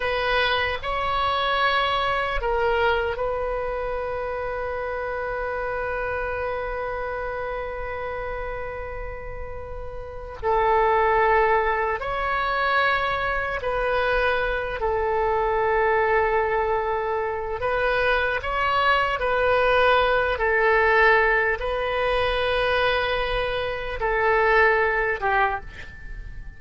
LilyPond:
\new Staff \with { instrumentName = "oboe" } { \time 4/4 \tempo 4 = 75 b'4 cis''2 ais'4 | b'1~ | b'1~ | b'4 a'2 cis''4~ |
cis''4 b'4. a'4.~ | a'2 b'4 cis''4 | b'4. a'4. b'4~ | b'2 a'4. g'8 | }